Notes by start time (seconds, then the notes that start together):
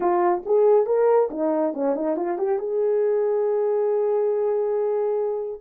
0.00 F4
0.45 G#4
0.86 A#4
1.30 D#4
1.73 C#4
1.95 D#4
2.16 F4
2.38 G4
2.58 G#4